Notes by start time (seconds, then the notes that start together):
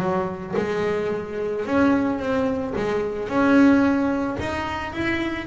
0.00 F#3
0.57 G#3
1.66 C#4
2.19 C4
2.76 G#3
3.29 C#4
4.40 D#4
4.93 E4